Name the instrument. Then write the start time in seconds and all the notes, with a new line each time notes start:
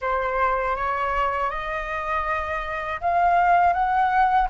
flute
0.01 C5
0.76 C#5
1.50 D#5
3.00 F5
3.73 F#5